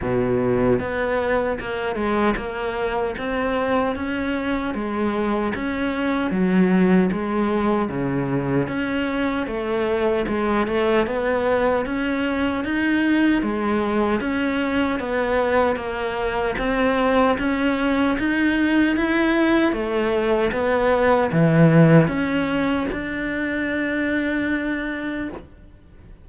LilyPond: \new Staff \with { instrumentName = "cello" } { \time 4/4 \tempo 4 = 76 b,4 b4 ais8 gis8 ais4 | c'4 cis'4 gis4 cis'4 | fis4 gis4 cis4 cis'4 | a4 gis8 a8 b4 cis'4 |
dis'4 gis4 cis'4 b4 | ais4 c'4 cis'4 dis'4 | e'4 a4 b4 e4 | cis'4 d'2. | }